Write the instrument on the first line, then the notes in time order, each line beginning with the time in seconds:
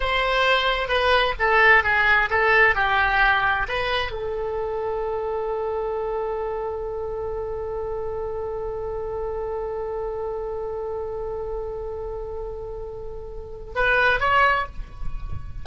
oboe
0.00 C5
0.88 B4
1.39 A4
1.83 G#4
2.30 A4
2.75 G4
3.68 B4
4.11 A4
13.75 B4
14.20 C#5